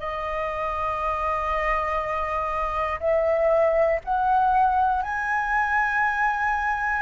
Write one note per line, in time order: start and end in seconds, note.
0.00 3.00 D#5
3.00 4.00 E5
4.05 5.02 F#5
5.02 7.02 G#5